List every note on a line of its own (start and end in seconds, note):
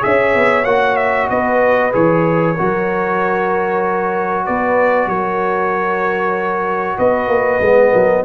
0.00 0.35 C#4
0.00 0.63 G#4
0.00 1.29 C#5
0.00 0.65 E5
0.35 0.65 B3
0.65 1.29 A#3
0.65 1.92 F#4
0.65 0.97 F#5
0.97 1.28 E5
1.29 1.93 B3
1.29 2.55 B4
1.29 1.93 D#5
1.92 2.57 E3
1.92 2.55 G#4
1.92 4.46 C#5
2.55 4.48 F#3
2.55 7.63 F#4
2.55 4.44 A#4
4.45 5.07 B3
4.45 5.08 B4
4.45 5.09 D5
5.07 6.96 F#3
5.07 6.98 A#4
5.07 6.98 C#5
6.98 7.28 B3
6.98 7.92 B4
6.98 8.25 D#5
7.28 7.60 A#3
7.61 7.92 G#3
7.61 8.25 B3
7.92 8.25 F#3
7.92 8.24 A#4